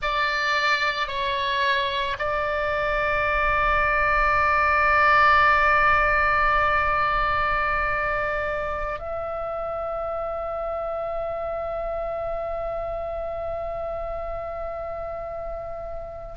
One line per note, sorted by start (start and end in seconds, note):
0.01 1.07 D5
1.07 2.16 C#5
2.18 8.99 D5
8.99 16.35 E5